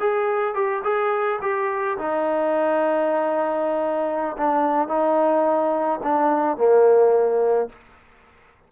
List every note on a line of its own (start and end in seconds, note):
0.00 0.55 G#4
0.55 0.83 G4
0.84 1.40 G#4
1.42 1.98 G4
1.99 4.37 D#4
4.38 4.88 D4
4.88 6.01 D#4
6.04 6.58 D4
6.58 7.70 A#3